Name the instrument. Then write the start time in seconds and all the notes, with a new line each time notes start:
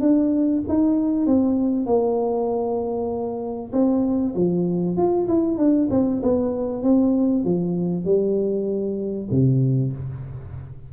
tuba
0.00 D4
0.68 D#4
1.26 C4
1.86 A#3
3.72 C4
4.35 F3
4.97 F4
5.27 E4
5.57 D4
5.90 C4
6.22 B3
6.82 C4
7.44 F3
8.04 G3
9.30 C3